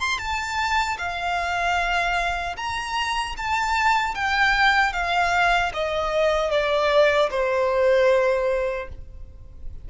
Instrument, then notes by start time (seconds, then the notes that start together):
violin
0.00 C6
0.18 A5
0.98 F5
2.57 A#5
3.37 A5
4.14 G5
4.93 F5
5.73 D#5
6.51 D5
7.30 C5